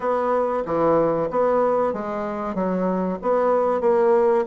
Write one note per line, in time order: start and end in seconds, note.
0.00 0.63 B3
0.65 1.29 E3
1.30 1.93 B3
1.93 2.54 G#3
2.54 3.18 F#3
3.21 3.80 B3
3.80 4.44 A#3